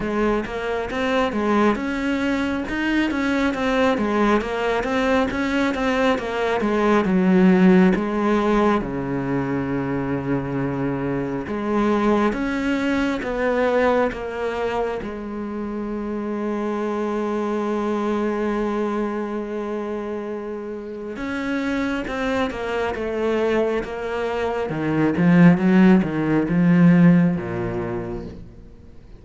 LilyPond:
\new Staff \with { instrumentName = "cello" } { \time 4/4 \tempo 4 = 68 gis8 ais8 c'8 gis8 cis'4 dis'8 cis'8 | c'8 gis8 ais8 c'8 cis'8 c'8 ais8 gis8 | fis4 gis4 cis2~ | cis4 gis4 cis'4 b4 |
ais4 gis2.~ | gis1 | cis'4 c'8 ais8 a4 ais4 | dis8 f8 fis8 dis8 f4 ais,4 | }